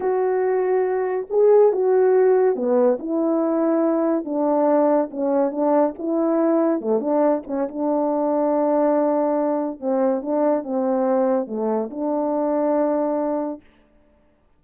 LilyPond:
\new Staff \with { instrumentName = "horn" } { \time 4/4 \tempo 4 = 141 fis'2. gis'4 | fis'2 b4 e'4~ | e'2 d'2 | cis'4 d'4 e'2 |
a8 d'4 cis'8 d'2~ | d'2. c'4 | d'4 c'2 a4 | d'1 | }